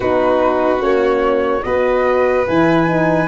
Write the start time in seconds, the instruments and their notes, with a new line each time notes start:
0.00 tuba B3, horn D#4, violin F#4, flute B4
0.79 tuba A#3, horn C#4, flute C#5
1.63 tuba B3, horn F#4, violin B4, flute D#5
2.47 tuba E3, horn E4, flute G#5
2.86 horn D#4